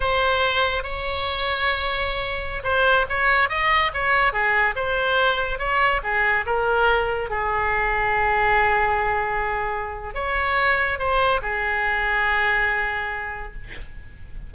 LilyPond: \new Staff \with { instrumentName = "oboe" } { \time 4/4 \tempo 4 = 142 c''2 cis''2~ | cis''2~ cis''16 c''4 cis''8.~ | cis''16 dis''4 cis''4 gis'4 c''8.~ | c''4~ c''16 cis''4 gis'4 ais'8.~ |
ais'4~ ais'16 gis'2~ gis'8.~ | gis'1 | cis''2 c''4 gis'4~ | gis'1 | }